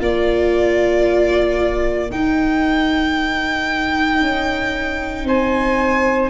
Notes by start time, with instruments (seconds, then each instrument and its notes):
0.00 tuba A#3, viola F4, saxophone A#4, violin D5
2.11 tuba D#4, viola D#4, violin G5
4.21 tuba C#4
5.24 tuba C4, saxophone C5, violin G#5